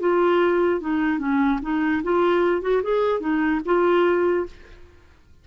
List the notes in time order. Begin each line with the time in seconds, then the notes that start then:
0.00 F4
0.80 D#4
1.19 C#4
1.62 D#4
2.03 F4
2.61 F#4
2.83 G#4
3.20 D#4
3.65 F4